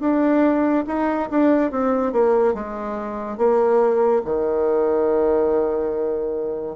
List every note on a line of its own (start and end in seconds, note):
0.00 0.85 D4
0.87 1.29 D#4
1.31 1.72 D4
1.72 2.12 C4
2.12 2.54 A#3
2.54 3.38 G#3
3.38 4.22 A#3
4.25 6.76 D#3